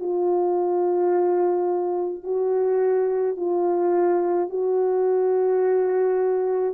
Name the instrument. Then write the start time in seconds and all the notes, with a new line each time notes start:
horn
0.00 F4
2.24 F#4
3.37 F4
4.50 F#4